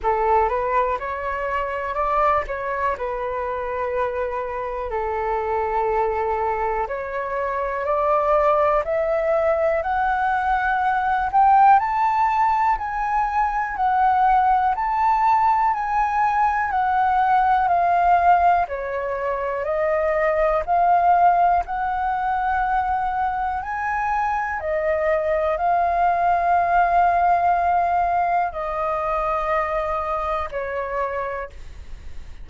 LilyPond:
\new Staff \with { instrumentName = "flute" } { \time 4/4 \tempo 4 = 61 a'8 b'8 cis''4 d''8 cis''8 b'4~ | b'4 a'2 cis''4 | d''4 e''4 fis''4. g''8 | a''4 gis''4 fis''4 a''4 |
gis''4 fis''4 f''4 cis''4 | dis''4 f''4 fis''2 | gis''4 dis''4 f''2~ | f''4 dis''2 cis''4 | }